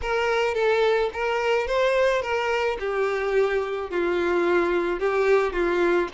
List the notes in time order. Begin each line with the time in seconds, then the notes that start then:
0.01 A#4
0.54 A4
1.13 A#4
1.67 C5
2.22 A#4
2.79 G4
3.90 F4
4.99 G4
5.53 F4